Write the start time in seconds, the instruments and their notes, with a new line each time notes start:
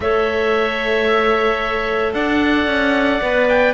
0.00 cello A3, clarinet A4 C#5, oboe E5
2.13 cello D4, clarinet D5, oboe F#5
2.66 cello C#4
3.21 cello B3, clarinet B4
3.48 oboe G5